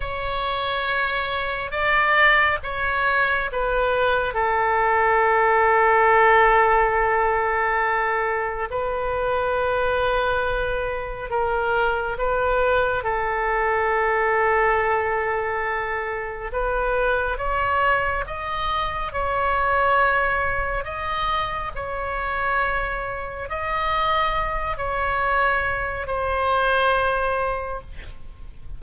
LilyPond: \new Staff \with { instrumentName = "oboe" } { \time 4/4 \tempo 4 = 69 cis''2 d''4 cis''4 | b'4 a'2.~ | a'2 b'2~ | b'4 ais'4 b'4 a'4~ |
a'2. b'4 | cis''4 dis''4 cis''2 | dis''4 cis''2 dis''4~ | dis''8 cis''4. c''2 | }